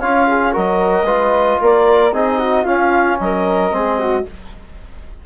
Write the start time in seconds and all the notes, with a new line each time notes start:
0.00 C#4 F4 C#5 F5
0.28 G#4
0.52 F#3 F#4 A#4 D#5
1.03 G#3 F4 B4
1.61 A#3 A#4 D5
2.13 C4 D#4 G#4 D#5
2.39 F#4
2.64 C#4 F4 F5
3.19 F#3 A#4 D#5
3.71 G#3 C4 G#4
3.99 F#4